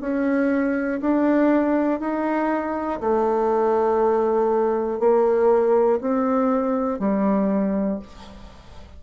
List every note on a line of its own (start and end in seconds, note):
0.00 1.00 C#4
1.00 2.00 D4
2.00 3.00 D#4
3.00 5.00 A3
5.00 6.00 A#3
6.00 6.99 C4
6.99 7.99 G3